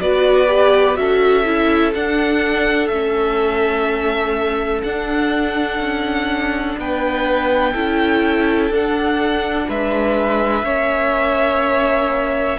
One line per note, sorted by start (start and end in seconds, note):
0.00 0.98 B3
0.00 0.47 F#4
0.00 0.99 B4
0.00 0.96 D5
0.47 0.95 G4
0.95 1.94 C#4
0.95 1.43 F#4
0.95 6.79 A4
0.95 1.93 E5
1.45 1.93 E4
1.95 2.92 D4
1.95 2.89 D4
1.95 2.88 F#5
2.88 4.83 A3
2.88 4.85 C#4
2.88 4.81 E5
4.84 5.80 D4
4.84 7.75 D4
4.84 6.77 F#5
5.80 6.77 C#4
6.78 7.75 B3
6.78 7.73 B4
6.78 8.74 G5
7.73 8.71 C#4
7.73 8.72 E4
7.73 9.67 A4
8.71 9.68 D4
8.71 10.65 D4
8.71 9.70 F#5
9.69 10.63 G#3
9.69 10.65 B4
9.69 12.59 E5
10.63 12.56 A#3
10.63 12.58 C#4
10.63 12.58 C#5